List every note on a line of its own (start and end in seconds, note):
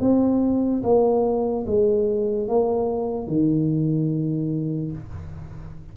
0.00 0.82 C4
0.83 1.65 A#3
1.66 2.48 G#3
2.48 3.27 A#3
3.27 4.91 D#3